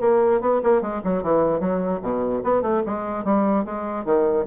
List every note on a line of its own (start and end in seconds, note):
0.00 0.41 A#3
0.41 0.61 B3
0.63 0.81 A#3
0.81 1.01 G#3
1.04 1.23 F#3
1.23 1.60 E3
1.60 2.00 F#3
2.02 2.42 B2
2.43 2.62 B3
2.62 2.82 A3
2.86 3.24 G#3
3.24 3.64 G3
3.64 4.04 G#3
4.04 4.45 D#3